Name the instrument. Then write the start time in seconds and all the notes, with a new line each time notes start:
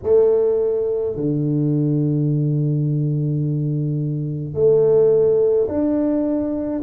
tuba
0.03 A3
1.15 D3
4.54 A3
5.68 D4